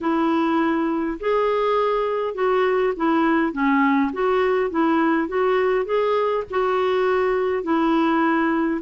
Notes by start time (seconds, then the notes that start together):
0.00 E4
1.20 G#4
2.34 F#4
2.96 E4
3.52 C#4
4.12 F#4
4.70 E4
5.28 F#4
5.85 G#4
6.50 F#4
7.63 E4